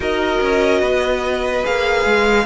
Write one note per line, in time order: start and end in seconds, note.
0.00 0.39 D#4
0.00 1.63 F#4
0.00 0.80 A#4
0.00 1.65 D#5
0.40 0.82 C#4
0.80 1.64 B3
0.80 2.44 B4
1.63 2.05 A#3
1.63 2.46 G#4
1.63 2.46 F5
2.05 2.46 G#3